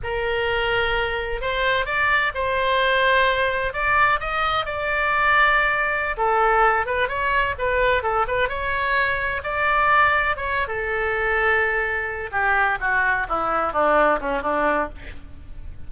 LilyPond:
\new Staff \with { instrumentName = "oboe" } { \time 4/4 \tempo 4 = 129 ais'2. c''4 | d''4 c''2. | d''4 dis''4 d''2~ | d''4~ d''16 a'4. b'8 cis''8.~ |
cis''16 b'4 a'8 b'8 cis''4.~ cis''16~ | cis''16 d''2 cis''8. a'4~ | a'2~ a'8 g'4 fis'8~ | fis'8 e'4 d'4 cis'8 d'4 | }